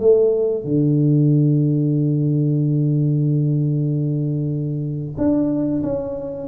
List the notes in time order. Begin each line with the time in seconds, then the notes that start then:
0.00 A3
0.64 D3
5.18 D4
5.83 C#4